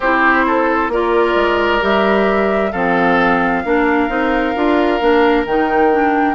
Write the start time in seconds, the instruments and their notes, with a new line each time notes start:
0.00 bassoon C4, clarinet E4, oboe G4, flute C5
0.47 oboe A4
0.88 bassoon A#3, clarinet F4, oboe A#4, flute D5
1.35 bassoon G#3
1.80 bassoon G3, clarinet G4, flute E5
2.72 bassoon F3, clarinet C4, oboe A4, flute F5
3.64 bassoon A#3, clarinet D4, oboe A#4
4.08 bassoon C4, clarinet D#4
4.55 bassoon D4, clarinet F4
5.00 bassoon A#3, clarinet D4
5.45 bassoon D#3, clarinet D#4, flute G5
5.92 clarinet D4